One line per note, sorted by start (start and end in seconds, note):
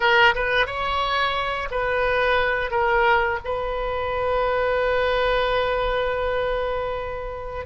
0.00 0.34 A#4
0.34 0.66 B4
0.66 1.68 C#5
1.70 2.71 B4
2.71 3.39 A#4
3.44 7.66 B4